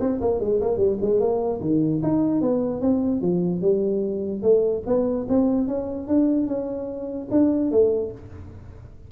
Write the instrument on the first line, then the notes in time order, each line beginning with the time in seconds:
tuba
0.00 C4
0.21 A#3
0.40 G#3
0.61 A#3
0.77 G3
1.01 G#3
1.20 A#3
1.61 D#3
2.03 D#4
2.41 B3
2.81 C4
3.21 F3
3.61 G3
4.42 A3
4.86 B3
5.29 C4
5.68 C#4
6.08 D4
6.47 C#4
7.31 D4
7.71 A3